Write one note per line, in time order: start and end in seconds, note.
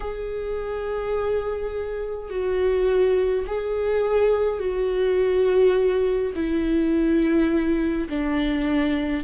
0.00 2.29 G#4
2.29 3.45 F#4
3.46 4.59 G#4
4.59 6.32 F#4
6.35 8.08 E4
8.09 9.23 D4